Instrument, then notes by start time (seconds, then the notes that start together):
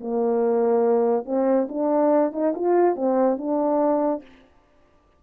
horn
0.00 A#3
1.25 C4
1.69 D4
2.32 D#4
2.55 F4
2.96 C4
3.38 D4